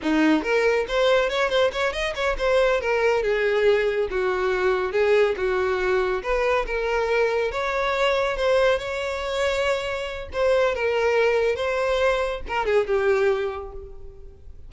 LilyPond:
\new Staff \with { instrumentName = "violin" } { \time 4/4 \tempo 4 = 140 dis'4 ais'4 c''4 cis''8 c''8 | cis''8 dis''8 cis''8 c''4 ais'4 gis'8~ | gis'4. fis'2 gis'8~ | gis'8 fis'2 b'4 ais'8~ |
ais'4. cis''2 c''8~ | c''8 cis''2.~ cis''8 | c''4 ais'2 c''4~ | c''4 ais'8 gis'8 g'2 | }